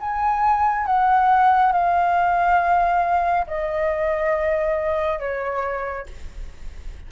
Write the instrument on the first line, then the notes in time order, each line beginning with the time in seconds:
flute
0.00 G#5
0.86 F#5
1.72 F5
3.47 D#5
5.19 C#5